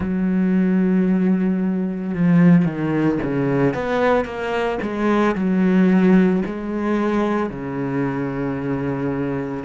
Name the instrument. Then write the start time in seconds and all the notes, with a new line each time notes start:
cello
0.00 F#3
2.14 F3
2.65 D#3
3.22 C#3
3.74 B3
4.24 A#3
4.82 G#3
5.35 F#3
6.45 G#3
7.50 C#3